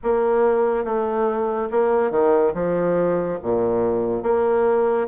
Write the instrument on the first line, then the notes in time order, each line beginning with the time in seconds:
bassoon
0.03 A#3
0.84 A3
1.71 A#3
2.10 D#3
2.54 F3
3.42 A#2
4.23 A#3